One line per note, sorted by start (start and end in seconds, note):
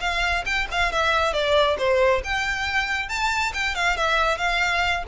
0.00 0.44 F5
0.45 0.67 G5
0.71 0.92 F5
0.92 1.33 E5
1.33 1.77 D5
1.78 2.22 C5
2.24 3.08 G5
3.08 3.52 A5
3.53 3.75 G5
3.75 3.96 F5
3.96 4.37 E5
4.37 5.03 F5